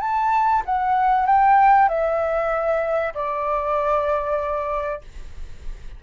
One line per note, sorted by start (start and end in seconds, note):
0.00 0.62 A5
0.66 1.26 F#5
1.26 1.89 G5
1.89 3.14 E5
3.14 5.01 D5